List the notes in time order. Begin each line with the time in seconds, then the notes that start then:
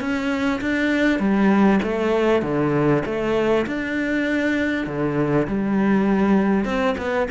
0.00 C#4
0.61 D4
1.19 G3
1.82 A3
2.42 D3
3.05 A3
3.67 D4
4.86 D3
5.47 G3
6.65 C4
6.98 B3